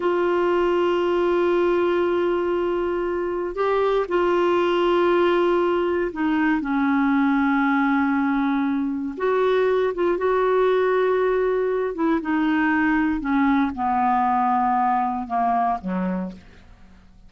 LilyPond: \new Staff \with { instrumentName = "clarinet" } { \time 4/4 \tempo 4 = 118 f'1~ | f'2. g'4 | f'1 | dis'4 cis'2.~ |
cis'2 fis'4. f'8 | fis'2.~ fis'8 e'8 | dis'2 cis'4 b4~ | b2 ais4 fis4 | }